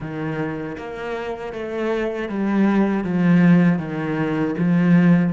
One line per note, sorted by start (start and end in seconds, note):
0.00 0.76 D#3
0.77 1.52 A#3
1.52 2.28 A3
2.29 3.03 G3
3.03 3.78 F3
3.78 4.54 D#3
4.58 5.32 F3